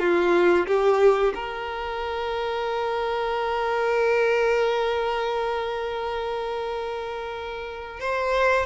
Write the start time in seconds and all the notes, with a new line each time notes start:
0.00 F4
0.67 G4
1.35 A#4
8.01 C5